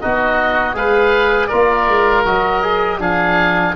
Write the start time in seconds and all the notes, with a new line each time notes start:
0.00 B3 D#4 F#4 D#5
0.73 G#3 G#4 B4 F5
1.47 A#3 F4 A#4 D5
1.87 G#3
2.25 F#3 F#4 D#5
2.62 G#4
2.99 F3 D4 G#4 F5